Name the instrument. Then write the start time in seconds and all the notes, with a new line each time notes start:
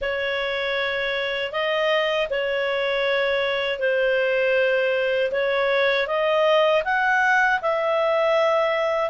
clarinet
0.01 C#5
1.52 D#5
2.30 C#5
3.79 C5
5.31 C#5
6.07 D#5
6.84 F#5
7.62 E5